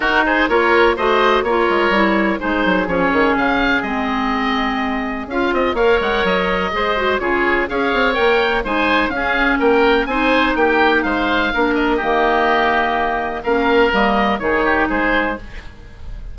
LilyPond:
<<
  \new Staff \with { instrumentName = "oboe" } { \time 4/4 \tempo 4 = 125 ais'8 c''8 cis''4 dis''4 cis''4~ | cis''4 c''4 cis''4 f''4 | dis''2. f''8 dis''8 | f''8 fis''8 dis''2 cis''4 |
f''4 g''4 gis''4 f''4 | g''4 gis''4 g''4 f''4~ | f''8 dis''2.~ dis''8 | f''4 dis''4 cis''4 c''4 | }
  \new Staff \with { instrumentName = "oboe" } { \time 4/4 fis'8 gis'8 ais'4 c''4 ais'4~ | ais'4 gis'2.~ | gis'1 | cis''2 c''4 gis'4 |
cis''2 c''4 gis'4 | ais'4 c''4 g'4 c''4 | ais'4 g'2. | ais'2 gis'8 g'8 gis'4 | }
  \new Staff \with { instrumentName = "clarinet" } { \time 4/4 dis'4 f'4 fis'4 f'4 | e'4 dis'4 cis'2 | c'2. f'4 | ais'2 gis'8 fis'8 f'4 |
gis'4 ais'4 dis'4 cis'4~ | cis'4 dis'2. | d'4 ais2. | cis'4 ais4 dis'2 | }
  \new Staff \with { instrumentName = "bassoon" } { \time 4/4 dis'4 ais4 a4 ais8 gis8 | g4 gis8 fis8 f8 dis8 cis4 | gis2. cis'8 c'8 | ais8 gis8 fis4 gis4 cis4 |
cis'8 c'8 ais4 gis4 cis'4 | ais4 c'4 ais4 gis4 | ais4 dis2. | ais4 g4 dis4 gis4 | }
>>